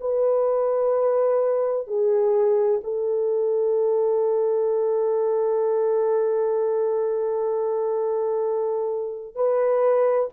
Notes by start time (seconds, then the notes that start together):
0.00 B4
1.87 G#4
2.83 A4
9.35 B4